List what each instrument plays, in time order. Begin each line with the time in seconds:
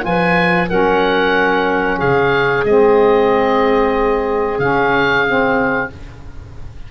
0.00 tuba F3, saxophone F4, clarinet B4, oboe G#5
0.68 tuba F#3, saxophone C#4, clarinet A#4, oboe F#5
1.98 tuba C#3, clarinet G#4, oboe F5
2.64 tuba G#3, saxophone C4, oboe D#5
4.59 tuba C#3, saxophone C#4, oboe F5
5.26 saxophone C4